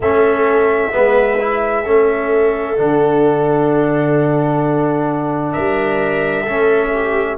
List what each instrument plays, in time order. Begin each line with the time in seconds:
0.00 tuba A3, trombone C#4, viola A4, trumpet E5
0.92 tuba G#3, trombone B3, viola B4
1.39 trombone E4
1.84 tuba A3, trombone C#4, viola A4
2.77 tuba D3, trombone D4, trumpet F#5
5.52 tuba G3, viola A#4, trumpet E5
6.43 tuba A3, trombone C#4, viola A4
6.93 viola G4